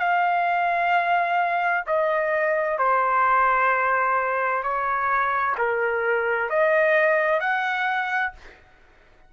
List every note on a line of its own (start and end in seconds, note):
0.00 1.85 F5
1.86 2.79 D#5
2.79 4.63 C5
4.63 5.56 C#5
5.58 6.50 A#4
6.50 7.40 D#5
7.40 8.32 F#5